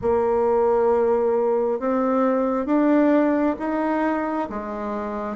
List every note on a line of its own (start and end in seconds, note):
0.01 1.79 A#3
1.79 2.66 C4
2.66 3.55 D4
3.59 4.48 D#4
4.49 5.36 G#3